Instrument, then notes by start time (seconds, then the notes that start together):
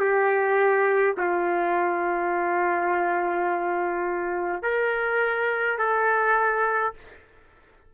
trumpet
0.00 G4
1.17 F4
4.63 A#4
5.78 A4